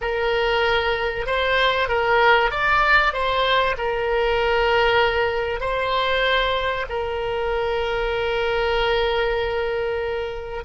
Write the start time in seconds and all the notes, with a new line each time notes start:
0.01 A#4
1.26 C5
1.88 A#4
2.50 D5
3.13 C5
3.77 A#4
5.60 C5
6.89 A#4